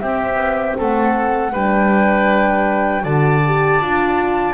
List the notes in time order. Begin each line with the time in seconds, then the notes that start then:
0.00 C4 G4 E5
0.36 B3
0.78 A3 A4 F#5
1.53 G3 D4 B4 G5
3.03 D3 F#4 D5 A5
3.46 G4
3.81 D4 F4